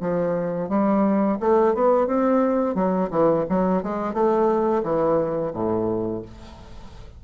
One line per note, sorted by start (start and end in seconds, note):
0.00 0.69 F3
0.69 1.38 G3
1.39 1.74 A3
1.74 2.07 B3
2.07 2.75 C4
2.75 3.09 F#3
3.10 3.45 E3
3.49 3.82 F#3
3.82 4.13 G#3
4.13 4.82 A3
4.83 5.52 E3
5.53 6.22 A2